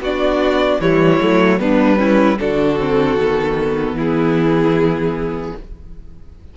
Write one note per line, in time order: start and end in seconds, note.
0.00 0.79 B3
0.00 0.82 D4
0.00 0.81 F#4
0.00 0.81 D5
0.81 1.20 E3
0.81 1.20 G3
0.81 1.60 E4
0.81 1.60 C#5
1.20 1.60 F#3
1.20 1.59 A3
1.59 2.39 G3
1.59 1.97 B3
1.59 2.00 D4
1.59 2.38 B4
1.97 2.36 C#4
1.97 2.40 E4
2.39 3.16 D3
2.39 2.80 D4
2.39 3.96 F#4
2.39 3.97 A4
2.80 3.19 C4
3.16 3.94 D#3
3.16 5.57 B3
3.94 5.52 E3
3.94 5.54 E4
3.94 5.57 G#4